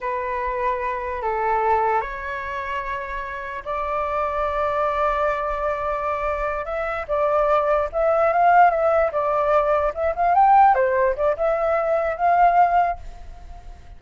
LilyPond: \new Staff \with { instrumentName = "flute" } { \time 4/4 \tempo 4 = 148 b'2. a'4~ | a'4 cis''2.~ | cis''4 d''2.~ | d''1~ |
d''8 e''4 d''2 e''8~ | e''8 f''4 e''4 d''4.~ | d''8 e''8 f''8 g''4 c''4 d''8 | e''2 f''2 | }